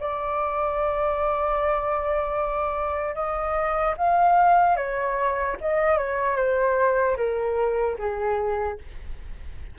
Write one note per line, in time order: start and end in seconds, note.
0.00 3.15 D5
3.15 3.95 D#5
3.97 4.77 F5
4.77 5.57 C#5
5.61 5.98 D#5
5.98 6.37 C#5
6.37 7.17 C5
7.17 7.97 A#4
7.99 8.79 G#4